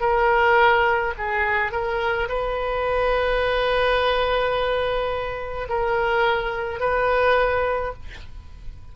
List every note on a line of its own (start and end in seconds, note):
0.00 1.13 A#4
1.18 1.71 G#4
1.71 2.28 A#4
2.28 5.68 B4
5.69 6.80 A#4
6.80 7.93 B4